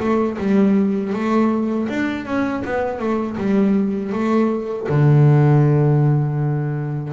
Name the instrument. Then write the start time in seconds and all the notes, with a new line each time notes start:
double bass
0.00 A3
0.38 G3
1.13 A3
1.89 D4
2.26 C#4
2.65 B3
2.99 A3
3.38 G3
4.12 A3
4.89 D3